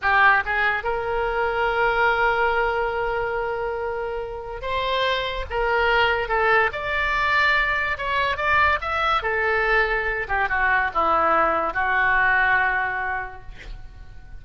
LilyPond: \new Staff \with { instrumentName = "oboe" } { \time 4/4 \tempo 4 = 143 g'4 gis'4 ais'2~ | ais'1~ | ais'2. c''4~ | c''4 ais'2 a'4 |
d''2. cis''4 | d''4 e''4 a'2~ | a'8 g'8 fis'4 e'2 | fis'1 | }